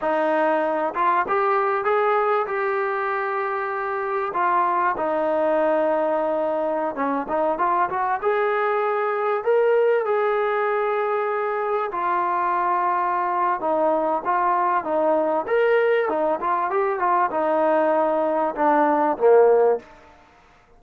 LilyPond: \new Staff \with { instrumentName = "trombone" } { \time 4/4 \tempo 4 = 97 dis'4. f'8 g'4 gis'4 | g'2. f'4 | dis'2.~ dis'16 cis'8 dis'16~ | dis'16 f'8 fis'8 gis'2 ais'8.~ |
ais'16 gis'2. f'8.~ | f'2 dis'4 f'4 | dis'4 ais'4 dis'8 f'8 g'8 f'8 | dis'2 d'4 ais4 | }